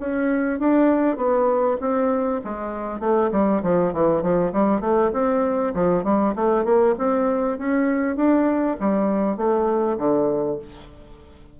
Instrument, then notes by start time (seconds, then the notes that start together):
bassoon
0.00 C#4
0.60 D4
1.17 B3
1.81 C4
2.45 G#3
3.00 A3
3.32 G3
3.63 F3
3.93 E3
4.22 F3
4.53 G3
4.81 A3
5.13 C4
5.74 F3
6.04 G3
6.36 A3
6.65 A#3
6.98 C4
7.58 C#4
8.16 D4
8.80 G3
9.37 A3
9.98 D3